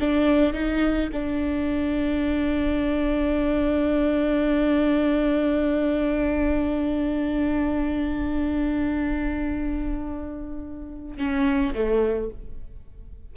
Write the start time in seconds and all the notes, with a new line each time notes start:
0.00 D4
0.53 D#4
1.12 D4
11.17 C#4
11.74 A3